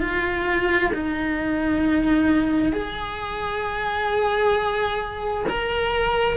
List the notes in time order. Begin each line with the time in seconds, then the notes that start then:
0.00 F4
0.94 D#4
2.72 G#4
5.49 A#4